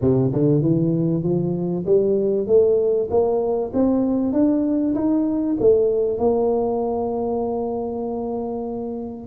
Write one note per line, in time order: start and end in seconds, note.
0.01 0.31 C3
0.32 0.61 D3
0.61 1.23 E3
1.23 1.85 F3
1.85 2.47 G3
2.47 3.08 A3
3.10 3.72 A#3
3.73 4.32 C4
4.32 4.94 D4
4.95 5.56 D#4
5.60 6.18 A3
6.18 9.26 A#3